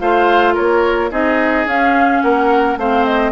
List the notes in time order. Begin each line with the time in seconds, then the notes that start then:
0.00 A3 F4 C5 F5
0.54 A#3 A#4 C#5
1.11 C4 D#4 G#4 D#5
1.66 C#4 F5
2.22 A#3 A#4 F#5
2.77 A3 C4 C5 F5
3.06 D#5